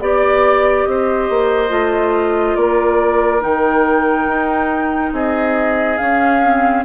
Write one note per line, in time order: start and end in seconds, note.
0.00 0.86 B3
0.00 1.69 G4
0.00 0.84 D5
0.00 0.88 D5
0.84 1.29 C4
0.84 2.58 C5
0.84 2.55 D#5
1.29 1.70 A#3
1.69 2.56 A3
1.69 3.40 F4
2.55 3.42 A#3
2.55 5.14 A#4
2.55 3.41 D5
3.40 4.27 D#3
3.40 5.97 D#4
3.40 5.14 G5
4.27 5.12 D#4
5.12 5.98 C4
5.12 6.85 G#4
5.12 5.98 D#5
5.98 6.42 C#4
5.98 6.85 C#4
5.98 6.83 F5
6.43 6.85 C4